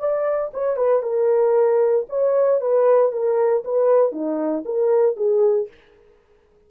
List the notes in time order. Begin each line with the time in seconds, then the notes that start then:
0.00 D5
0.54 C#5
0.77 B4
1.03 A#4
2.09 C#5
2.61 B4
3.12 A#4
3.65 B4
4.12 D#4
4.65 A#4
5.17 G#4